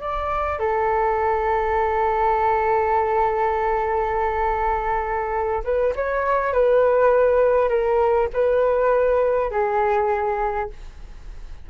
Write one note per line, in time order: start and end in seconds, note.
0.00 0.59 D5
0.59 5.64 A4
5.64 5.94 B4
5.95 6.53 C#5
6.53 7.69 B4
7.69 8.28 A#4
8.33 9.51 B4
9.51 10.70 G#4